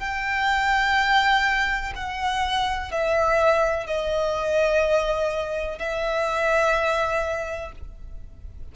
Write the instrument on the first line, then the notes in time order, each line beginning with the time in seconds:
violin
0.00 G5
1.96 F#5
2.92 E5
3.87 D#5
5.79 E5